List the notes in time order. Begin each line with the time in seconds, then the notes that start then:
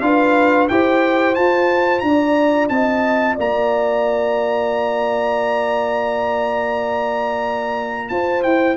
0.00 D4 F4 B4 F5
0.68 E4 G4 C5 G5
1.35 F4 A5
1.99 D4 A#5
2.06 D5
2.68 C4 D#5 A5
3.35 A#3 D5 A#5
8.08 F4 C5 A5
8.43 E4 G5